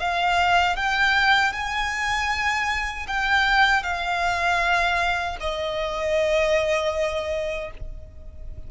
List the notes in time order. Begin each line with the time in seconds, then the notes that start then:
0.00 F5
0.77 G5
1.53 G#5
3.08 G5
3.84 F5
5.41 D#5